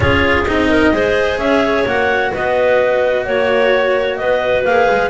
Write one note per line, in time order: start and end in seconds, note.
0.00 0.46 C#4
0.00 0.45 F4
0.00 0.69 G#4
0.00 0.44 C#5
0.45 0.92 C4
0.45 0.93 D#4
0.45 1.38 D#5
0.69 0.92 A#4
0.92 1.37 G#3
0.92 1.86 G#4
0.92 1.40 C5
1.37 1.84 C#4
1.37 1.85 E5
1.43 2.32 C#5
1.85 2.32 A#3
1.85 4.65 F#4
1.85 2.34 F#5
2.32 3.26 B3
2.32 3.25 B4
2.32 3.25 D#5
3.25 4.19 A#3
3.25 4.16 C#5
3.25 4.19 C#5
4.16 4.65 B3
4.16 5.09 B4
4.16 4.62 D#5
4.64 4.88 A#3
4.64 5.09 G#4
4.64 5.09 F5
4.90 5.09 G#3